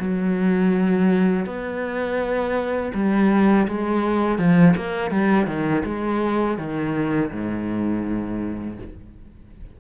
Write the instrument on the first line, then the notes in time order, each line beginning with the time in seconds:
cello
0.00 F#3
1.46 B3
2.95 G3
3.68 G#3
4.39 F3
4.77 A#3
5.11 G3
5.47 D#3
5.85 G#3
6.59 D#3
7.32 G#2